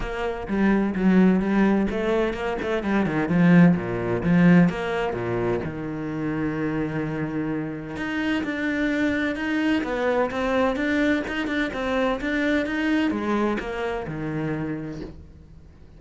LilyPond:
\new Staff \with { instrumentName = "cello" } { \time 4/4 \tempo 4 = 128 ais4 g4 fis4 g4 | a4 ais8 a8 g8 dis8 f4 | ais,4 f4 ais4 ais,4 | dis1~ |
dis4 dis'4 d'2 | dis'4 b4 c'4 d'4 | dis'8 d'8 c'4 d'4 dis'4 | gis4 ais4 dis2 | }